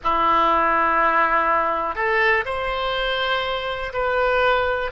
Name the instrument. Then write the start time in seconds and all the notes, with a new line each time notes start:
oboe
0.03 E4
1.95 A4
2.45 C5
3.93 B4